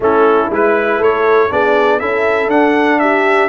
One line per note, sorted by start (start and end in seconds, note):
0.00 0.48 A3
0.00 0.51 C#4
0.00 0.97 E4
0.00 0.53 A4
0.50 0.99 G#3
0.50 1.50 E4
0.50 1.02 B4
0.97 1.49 A3
0.97 1.47 A4
0.97 1.52 C#5
1.50 2.01 B3
1.50 2.00 D4
1.50 1.99 G#4
1.50 1.99 D5
1.99 2.47 C#4
1.99 2.50 E4
1.99 2.99 A4
1.99 2.49 E5
2.47 3.47 D4
2.47 3.48 D4
2.47 2.99 F#5
2.99 3.48 G4
2.99 3.48 E5